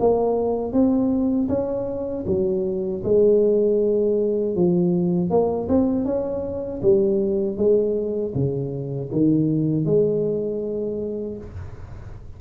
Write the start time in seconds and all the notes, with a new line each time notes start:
0.00 A#3
0.73 C4
1.49 C#4
2.27 F#3
3.04 G#3
4.56 F3
5.31 A#3
5.69 C4
6.06 C#4
6.83 G3
7.57 G#3
8.35 C#3
9.12 D#3
9.86 G#3